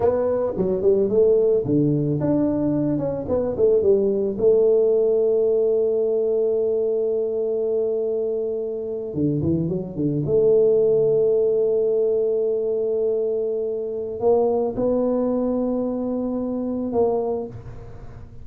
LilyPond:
\new Staff \with { instrumentName = "tuba" } { \time 4/4 \tempo 4 = 110 b4 fis8 g8 a4 d4 | d'4. cis'8 b8 a8 g4 | a1~ | a1~ |
a8. d8 e8 fis8 d8 a4~ a16~ | a1~ | a2 ais4 b4~ | b2. ais4 | }